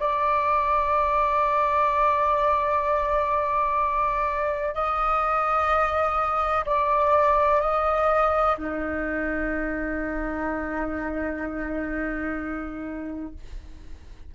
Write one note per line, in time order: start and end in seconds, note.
0.00 4.75 D5
4.75 6.65 D#5
6.66 7.61 D5
7.61 8.56 D#5
8.58 13.34 D#4